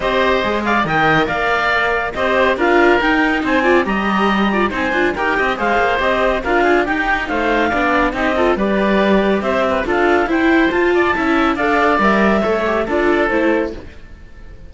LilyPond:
<<
  \new Staff \with { instrumentName = "clarinet" } { \time 4/4 \tempo 4 = 140 dis''4. f''8 g''4 f''4~ | f''4 dis''4 f''4 g''4 | gis''4 ais''2 gis''4 | g''4 f''4 dis''4 f''4 |
g''4 f''2 dis''4 | d''2 e''4 f''4 | g''4 a''2 f''4 | e''2 d''4 c''4 | }
  \new Staff \with { instrumentName = "oboe" } { \time 4/4 c''4. d''8 dis''4 d''4~ | d''4 c''4 ais'2 | c''8 d''8 dis''4. d''8 c''4 | ais'8 dis''8 c''2 ais'8 gis'8 |
g'4 c''4 d''4 g'8 a'8 | b'2 c''8 b'8 a'4 | c''4. d''8 e''4 d''4~ | d''4 cis''4 a'2 | }
  \new Staff \with { instrumentName = "viola" } { \time 4/4 g'4 gis'4 ais'2~ | ais'4 g'4 f'4 dis'4~ | dis'8 f'8 g'4. f'8 dis'8 f'8 | g'4 gis'4 g'4 f'4 |
dis'2 d'4 dis'8 f'8 | g'2. f'4 | e'4 f'4 e'4 a'4 | ais'4 a'8 g'8 f'4 e'4 | }
  \new Staff \with { instrumentName = "cello" } { \time 4/4 c'4 gis4 dis4 ais4~ | ais4 c'4 d'4 dis'4 | c'4 g2 c'8 d'8 | dis'8 c'8 gis8 ais8 c'4 d'4 |
dis'4 a4 b4 c'4 | g2 c'4 d'4 | e'4 f'4 cis'4 d'4 | g4 a4 d'4 a4 | }
>>